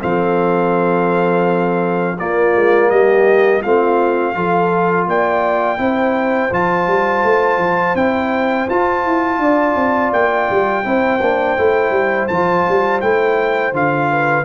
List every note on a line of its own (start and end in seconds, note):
0.00 2.19 F3
0.00 2.17 C4
0.00 2.18 A4
0.00 2.18 F5
2.18 3.63 A#3
2.18 2.55 A#3
2.18 2.90 F4
2.18 2.89 D5
2.55 2.91 G#3
2.89 3.63 G3
2.89 3.60 G4
2.89 3.62 D#5
3.60 4.35 A3
3.60 4.34 C4
3.60 4.33 F4
3.60 5.06 F5
4.34 5.07 F3
4.34 5.77 F4
4.34 5.08 A4
5.07 5.78 A#3
5.07 5.80 D5
5.07 6.53 G5
5.77 6.51 C4
5.77 6.49 E4
5.77 9.40 C5
6.51 6.87 F3
6.51 7.96 F4
6.51 7.96 A5
6.87 7.23 G3
7.23 7.57 A3
7.57 7.93 F3
7.94 8.67 C4
7.94 8.69 E4
7.94 8.68 G5
8.69 9.05 F4
8.69 10.84 F4
8.69 10.12 A5
9.05 9.39 E4
9.39 9.75 D4
9.39 10.85 D5
9.75 10.11 C4
10.12 10.49 A#3
10.12 12.27 G5
10.50 10.85 G3
10.84 11.20 C4
10.84 11.20 E4
10.84 14.10 C5
11.20 11.57 A#3
11.20 11.57 D4
11.57 11.90 A3
11.57 12.30 E4
11.90 12.26 G3
12.27 12.66 F3
12.27 13.01 F4
12.27 13.00 A5
12.69 13.02 G3
13.00 13.72 A3
13.00 13.73 E4
13.00 13.73 G5
13.72 14.44 D3
13.72 14.44 F4
13.72 14.44 F5
14.11 14.44 B4